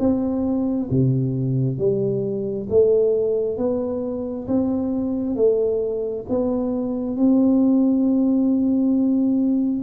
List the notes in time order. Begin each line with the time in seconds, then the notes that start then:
0.00 C4
0.91 C3
1.78 G3
2.70 A3
3.58 B3
4.48 C4
5.36 A3
6.30 B3
7.17 C4